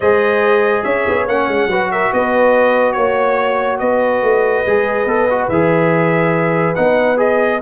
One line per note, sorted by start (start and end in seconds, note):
0.00 0.85 G#3
0.00 1.28 G#4
0.00 0.84 C5
0.00 0.83 D#5
0.83 1.06 C#4
0.83 1.69 C#5
0.83 1.26 E5
1.08 1.27 B3
1.27 1.47 A#3
1.27 1.71 C#4
1.27 1.91 F#5
1.47 1.66 G#3
1.66 2.09 F#3
1.66 4.66 F#4
1.66 1.90 B4
1.91 2.12 A#4
1.91 2.12 E5
2.12 2.96 B3
2.12 2.95 B4
2.12 2.92 D#5
2.92 3.80 A#3
2.92 3.77 C#5
2.92 3.79 C#5
3.79 4.22 B3
3.79 7.60 B4
3.79 5.48 D#5
4.22 4.64 A3
4.65 5.05 G#3
4.65 5.07 G#4
5.05 5.48 B3
5.05 5.28 A4
5.30 5.51 F#4
5.48 6.75 E3
5.48 6.75 G#4
5.48 6.75 E5
6.75 7.61 B3
6.75 7.17 D#4
6.75 7.17 F#5
7.17 7.59 G#4
7.17 7.61 D#5